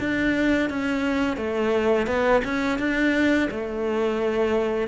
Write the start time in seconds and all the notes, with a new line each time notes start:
0.00 D4
0.70 C#4
1.37 A3
2.07 B3
2.45 C#4
2.79 D4
3.51 A3